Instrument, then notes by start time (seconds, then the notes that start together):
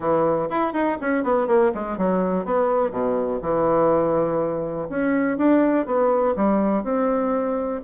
bassoon
0.00 E3
0.49 E4
0.73 D#4
1.00 C#4
1.23 B3
1.47 A#3
1.74 G#3
1.97 F#3
2.45 B3
2.91 B2
3.41 E3
4.89 C#4
5.37 D4
5.86 B3
6.35 G3
6.83 C4